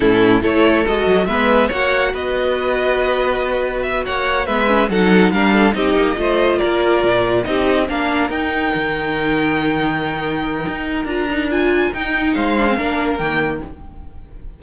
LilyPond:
<<
  \new Staff \with { instrumentName = "violin" } { \time 4/4 \tempo 4 = 141 a'4 cis''4 dis''4 e''4 | fis''4 dis''2.~ | dis''4 e''8 fis''4 e''4 fis''8~ | fis''8 f''4 dis''2 d''8~ |
d''4. dis''4 f''4 g''8~ | g''1~ | g''2 ais''4 gis''4 | g''4 f''2 g''4 | }
  \new Staff \with { instrumentName = "violin" } { \time 4/4 e'4 a'2 b'4 | cis''4 b'2.~ | b'4. cis''4 b'4 a'8~ | a'8 ais'8 a'8 g'4 c''4 ais'8~ |
ais'4. g'4 ais'4.~ | ais'1~ | ais'1~ | ais'4 c''4 ais'2 | }
  \new Staff \with { instrumentName = "viola" } { \time 4/4 cis'4 e'4 fis'4 b4 | fis'1~ | fis'2~ fis'8 b8 cis'8 dis'8~ | dis'8 d'4 dis'4 f'4.~ |
f'4. dis'4 d'4 dis'8~ | dis'1~ | dis'2 f'8 dis'8 f'4 | dis'4. d'16 c'16 d'4 ais4 | }
  \new Staff \with { instrumentName = "cello" } { \time 4/4 a,4 a4 gis8 fis8 gis4 | ais4 b2.~ | b4. ais4 gis4 fis8~ | fis8 g4 c'8 ais8 a4 ais8~ |
ais8 ais,4 c'4 ais4 dis'8~ | dis'8 dis2.~ dis8~ | dis4 dis'4 d'2 | dis'4 gis4 ais4 dis4 | }
>>